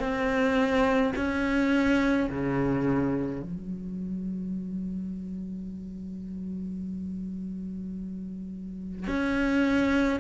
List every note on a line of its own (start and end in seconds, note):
0.00 1.13 C4
1.16 2.30 C#4
2.31 3.43 C#3
3.43 9.08 F#3
9.08 10.20 C#4